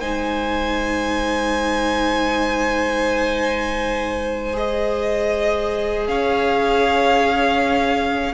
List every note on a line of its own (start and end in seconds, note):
0.00 6.08 G#3
0.00 4.53 D#4
0.00 6.08 C5
0.00 4.56 G#5
4.53 8.33 G#4
4.53 6.08 D#5
6.08 8.34 C#4
6.08 8.34 C#5
6.08 8.34 F5